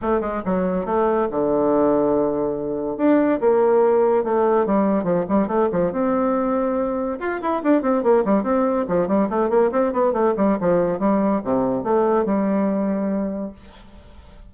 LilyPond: \new Staff \with { instrumentName = "bassoon" } { \time 4/4 \tempo 4 = 142 a8 gis8 fis4 a4 d4~ | d2. d'4 | ais2 a4 g4 | f8 g8 a8 f8 c'2~ |
c'4 f'8 e'8 d'8 c'8 ais8 g8 | c'4 f8 g8 a8 ais8 c'8 b8 | a8 g8 f4 g4 c4 | a4 g2. | }